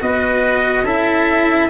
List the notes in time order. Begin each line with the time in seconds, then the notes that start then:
0.00 B3 F#4 B4 D#5
0.83 C#4 E4 A4 E5